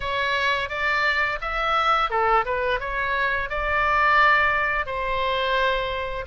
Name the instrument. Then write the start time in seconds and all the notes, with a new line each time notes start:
oboe
0.00 C#5
0.68 D5
1.41 E5
2.09 A4
2.45 B4
2.80 C#5
3.49 D5
4.86 C5